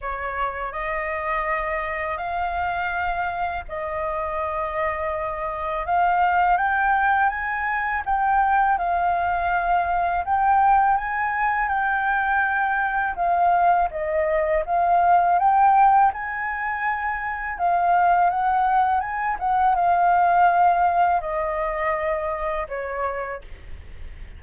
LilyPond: \new Staff \with { instrumentName = "flute" } { \time 4/4 \tempo 4 = 82 cis''4 dis''2 f''4~ | f''4 dis''2. | f''4 g''4 gis''4 g''4 | f''2 g''4 gis''4 |
g''2 f''4 dis''4 | f''4 g''4 gis''2 | f''4 fis''4 gis''8 fis''8 f''4~ | f''4 dis''2 cis''4 | }